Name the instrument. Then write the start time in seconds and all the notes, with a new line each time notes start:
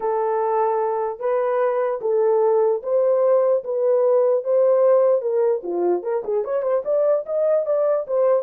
horn
0.00 A4
1.19 B4
2.01 A4
2.83 C5
3.64 B4
4.44 C5
5.21 A#4
5.63 F4
6.03 A#4
6.24 G#4
6.44 C#5
6.62 C5
6.84 D5
7.25 D#5
7.65 D5
8.07 C5